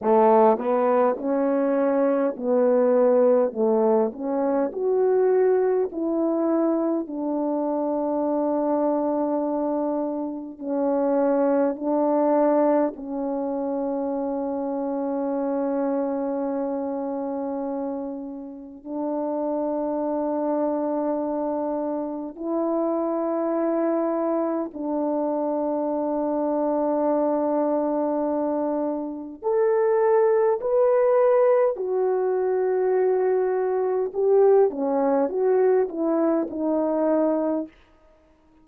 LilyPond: \new Staff \with { instrumentName = "horn" } { \time 4/4 \tempo 4 = 51 a8 b8 cis'4 b4 a8 cis'8 | fis'4 e'4 d'2~ | d'4 cis'4 d'4 cis'4~ | cis'1 |
d'2. e'4~ | e'4 d'2.~ | d'4 a'4 b'4 fis'4~ | fis'4 g'8 cis'8 fis'8 e'8 dis'4 | }